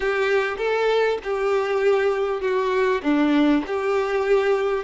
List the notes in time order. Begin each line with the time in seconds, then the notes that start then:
0.00 G4
0.57 A4
1.23 G4
2.41 F#4
3.02 D4
3.66 G4